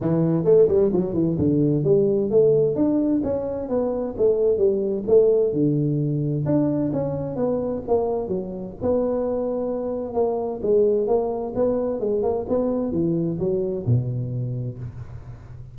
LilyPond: \new Staff \with { instrumentName = "tuba" } { \time 4/4 \tempo 4 = 130 e4 a8 g8 fis8 e8 d4 | g4 a4 d'4 cis'4 | b4 a4 g4 a4 | d2 d'4 cis'4 |
b4 ais4 fis4 b4~ | b2 ais4 gis4 | ais4 b4 gis8 ais8 b4 | e4 fis4 b,2 | }